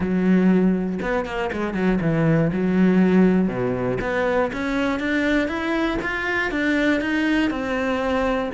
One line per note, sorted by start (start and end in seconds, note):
0.00 0.99 F#3
1.02 1.25 B3
1.25 1.50 A#3
1.52 1.74 G#3
1.74 1.99 F#3
2.01 2.51 E3
2.52 3.47 F#3
3.47 3.97 B2
4.01 4.51 B3
4.52 4.99 C#4
4.99 5.48 D4
5.48 5.98 E4
6.02 6.51 F4
6.51 7.00 D4
7.00 7.50 D#4
7.50 8.50 C4